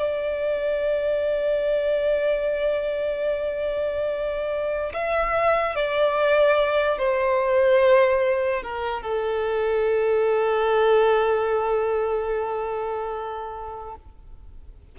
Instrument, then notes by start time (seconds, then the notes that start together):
violin
0.00 D5
4.94 E5
5.76 D5
6.99 C5
8.63 A#4
9.03 A4